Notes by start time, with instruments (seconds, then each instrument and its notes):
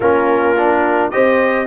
0.00 tuba A#3, trombone C#4, horn F4, trumpet A#4
0.56 trombone D4
1.10 tuba C4, trombone G4, horn C5, trumpet D#5